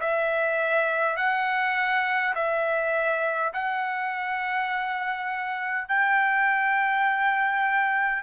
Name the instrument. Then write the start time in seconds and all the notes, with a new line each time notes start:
trumpet
0.00 E5
1.17 F#5
2.35 E5
3.53 F#5
5.88 G5